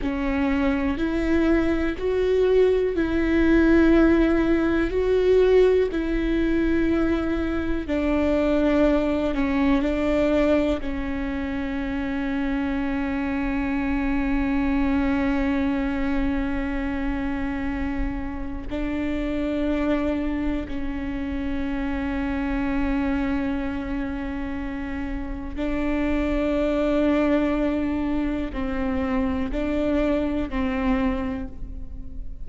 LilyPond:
\new Staff \with { instrumentName = "viola" } { \time 4/4 \tempo 4 = 61 cis'4 e'4 fis'4 e'4~ | e'4 fis'4 e'2 | d'4. cis'8 d'4 cis'4~ | cis'1~ |
cis'2. d'4~ | d'4 cis'2.~ | cis'2 d'2~ | d'4 c'4 d'4 c'4 | }